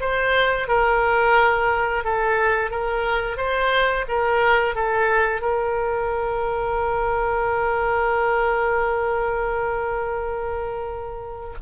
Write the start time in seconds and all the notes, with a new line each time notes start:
0.00 C5
0.68 A#4
2.04 A4
2.71 A#4
3.37 C5
4.08 A#4
4.75 A4
5.41 A#4